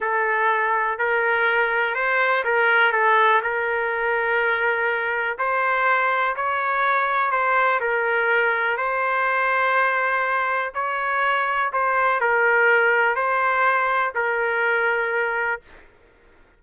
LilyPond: \new Staff \with { instrumentName = "trumpet" } { \time 4/4 \tempo 4 = 123 a'2 ais'2 | c''4 ais'4 a'4 ais'4~ | ais'2. c''4~ | c''4 cis''2 c''4 |
ais'2 c''2~ | c''2 cis''2 | c''4 ais'2 c''4~ | c''4 ais'2. | }